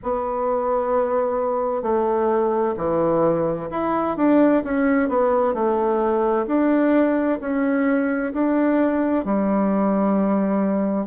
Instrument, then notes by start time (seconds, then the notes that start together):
bassoon
0.03 B3
1.82 A3
2.77 E3
3.70 E4
4.17 D4
4.64 C#4
5.09 B3
5.53 A3
6.47 D4
7.40 C#4
8.33 D4
9.24 G3